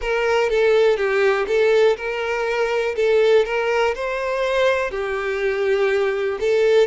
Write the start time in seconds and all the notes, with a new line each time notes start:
0.00 A#4
0.49 A4
0.97 G4
1.47 A4
1.96 A#4
2.96 A4
3.45 A#4
3.94 C5
4.90 G4
6.40 A4